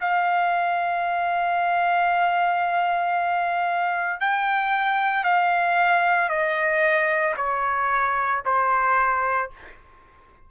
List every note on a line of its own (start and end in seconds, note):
0.00 4.20 F5
4.20 5.23 G5
5.23 6.29 F5
6.29 7.34 D#5
7.36 8.42 C#5
8.45 9.50 C5